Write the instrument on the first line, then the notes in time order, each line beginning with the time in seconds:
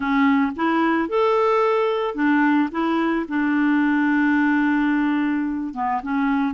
clarinet
0.00 C#4
0.56 E4
1.08 A4
2.14 D4
2.71 E4
3.28 D4
5.74 B3
6.02 C#4